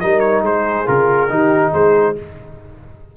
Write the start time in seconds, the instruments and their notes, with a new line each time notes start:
0.00 tuba G3, trombone D#4, horn A#4, trumpet D#5
0.19 trumpet C#5
0.41 tuba G#3, horn G#4, trumpet C5
0.85 tuba C#3, trombone F4, trumpet A#4
1.29 tuba D#3, trombone D#4, horn G4
1.72 tuba G#3, horn G#4, trumpet C5